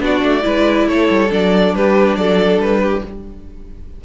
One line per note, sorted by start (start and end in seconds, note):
0.00 0.22 B3
0.00 0.41 D4
0.00 0.45 F#4
0.00 0.88 D5
0.23 0.44 A3
0.41 0.87 G#3
0.41 1.28 E4
0.41 0.88 B4
0.87 1.09 A3
0.87 1.76 A4
0.87 1.31 C#5
1.10 1.31 G3
1.30 1.75 F#3
1.30 3.02 D4
1.30 1.75 D5
1.75 2.17 G3
1.75 2.19 G4
1.75 2.16 B4
2.16 2.58 F#3
2.16 2.81 A4
2.16 2.59 D5
2.58 3.01 G3
2.58 3.04 B4
2.81 3.03 G4